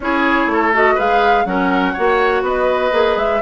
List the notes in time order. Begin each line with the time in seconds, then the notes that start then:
0.00 C#4 E4 G#4 C#5
0.46 A3 A4
0.73 F#4 D#5
0.95 G#3 G#4 B4 F5
1.45 F#3 C#4 A#4 F#5
1.93 A#3 F#4 C#5
2.42 B3 B4 D#5
2.91 A#3 G#4
3.16 G#3 E5